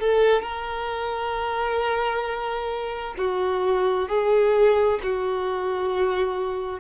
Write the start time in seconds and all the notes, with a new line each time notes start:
0.00 A4
0.42 A#4
3.18 F#4
4.09 G#4
5.03 F#4